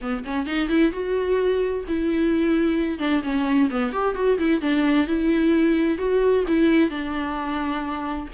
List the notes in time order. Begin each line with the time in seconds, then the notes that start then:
0.01 B3
0.24 C#4
0.46 D#4
0.68 E4
0.92 F#4
1.88 E4
2.99 D4
3.23 C#4
3.70 B3
3.92 G4
4.15 F#4
4.38 E4
4.61 D4
5.07 E4
5.98 F#4
6.47 E4
6.90 D4